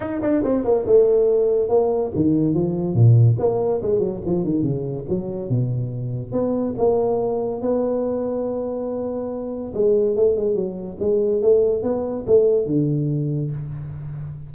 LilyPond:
\new Staff \with { instrumentName = "tuba" } { \time 4/4 \tempo 4 = 142 dis'8 d'8 c'8 ais8 a2 | ais4 dis4 f4 ais,4 | ais4 gis8 fis8 f8 dis8 cis4 | fis4 b,2 b4 |
ais2 b2~ | b2. gis4 | a8 gis8 fis4 gis4 a4 | b4 a4 d2 | }